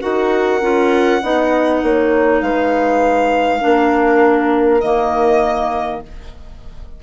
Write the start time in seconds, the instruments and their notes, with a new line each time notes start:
0.00 bassoon D#4, clarinet F#4, horn A#4, violin F#5
0.61 bassoon C#4, clarinet F4
1.22 bassoon B3, clarinet D#4, horn D#5
1.82 bassoon A#3, horn C#5
2.41 bassoon G#3, horn B4, violin F5
3.60 bassoon A#3, clarinet D4, horn A#4
4.80 bassoon D#3, clarinet A#3, violin D#5